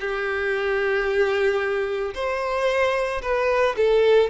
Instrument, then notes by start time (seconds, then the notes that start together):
violin
0.00 G4
2.14 C5
3.22 B4
3.77 A4